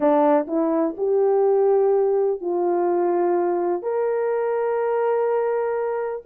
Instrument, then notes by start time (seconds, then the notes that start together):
horn
0.00 D4
0.47 E4
0.97 G4
2.40 F4
3.82 A#4